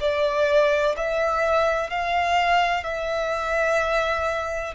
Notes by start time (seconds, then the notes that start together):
0.00 D5
0.97 E5
1.90 F5
2.84 E5